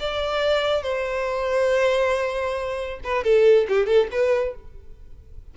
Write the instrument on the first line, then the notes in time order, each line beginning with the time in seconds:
violin
0.00 D5
0.83 C5
3.04 B4
3.24 A4
3.69 G4
3.86 A4
4.11 B4